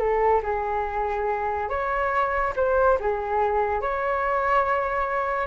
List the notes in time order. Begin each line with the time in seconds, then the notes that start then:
0.00 A4
0.43 G#4
1.69 C#5
2.57 C5
3.00 G#4
3.82 C#5